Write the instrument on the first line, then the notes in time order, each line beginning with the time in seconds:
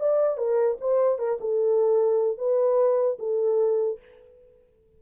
horn
0.00 D5
0.38 A#4
0.81 C5
1.19 A#4
1.41 A4
2.38 B4
3.19 A4